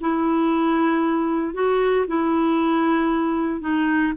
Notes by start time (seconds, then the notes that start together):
0.00 E4
1.54 F#4
2.07 E4
3.60 D#4